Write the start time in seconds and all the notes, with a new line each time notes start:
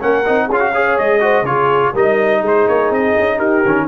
0.00 A#3 C#4 A#4 F#5
0.25 C4 D#4
0.47 C#4 F4 G#4
0.53 F5
0.60 F#4
0.72 G#4 C#5
0.98 G#3 D#5
1.20 F#4 C5
1.42 C#3 F4 G#4 C#5
1.93 G3 D#4 A#4 D#5
2.42 G#3 G#4 C5
2.67 A#3 C#5
2.90 C4 D#5
3.19 C#4
3.37 D#4 G4 A#4
3.65 D#3 C#4